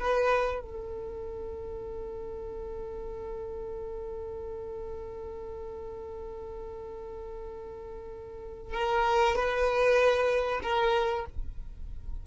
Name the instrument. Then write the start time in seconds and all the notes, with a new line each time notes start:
violin
0.00 B4
0.62 A4
8.74 A#4
9.36 B4
10.63 A#4